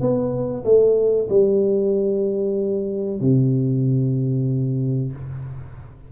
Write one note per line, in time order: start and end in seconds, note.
0.00 0.64 B3
0.64 1.28 A3
1.29 3.20 G3
3.20 5.12 C3